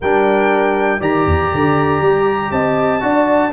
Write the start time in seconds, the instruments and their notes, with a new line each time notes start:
0.01 tuba G3, trombone D4, horn A#4, trumpet G5
1.00 tuba D#3, trombone G4, horn D5, trumpet A#5
1.25 tuba E2
1.54 tuba D3
2.01 tuba G3
2.51 tuba C4, horn D#5, trumpet A5
3.00 tuba D4, trombone F#4, horn D5